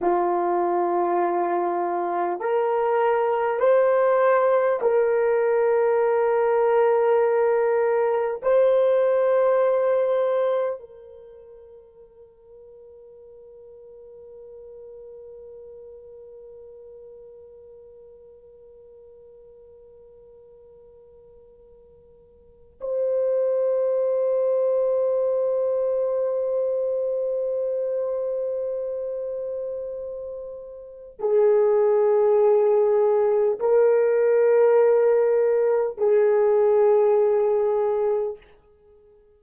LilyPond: \new Staff \with { instrumentName = "horn" } { \time 4/4 \tempo 4 = 50 f'2 ais'4 c''4 | ais'2. c''4~ | c''4 ais'2.~ | ais'1~ |
ais'2. c''4~ | c''1~ | c''2 gis'2 | ais'2 gis'2 | }